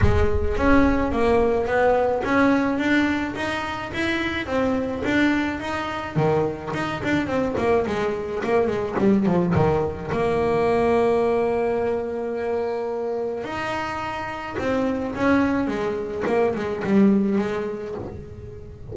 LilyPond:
\new Staff \with { instrumentName = "double bass" } { \time 4/4 \tempo 4 = 107 gis4 cis'4 ais4 b4 | cis'4 d'4 dis'4 e'4 | c'4 d'4 dis'4 dis4 | dis'8 d'8 c'8 ais8 gis4 ais8 gis8 |
g8 f8 dis4 ais2~ | ais1 | dis'2 c'4 cis'4 | gis4 ais8 gis8 g4 gis4 | }